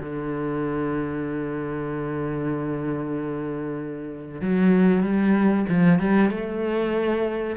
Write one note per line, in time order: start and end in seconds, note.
0.00 4.41 D3
4.41 5.03 F#3
5.03 5.66 G3
5.69 5.99 F3
5.99 6.30 G3
6.30 7.56 A3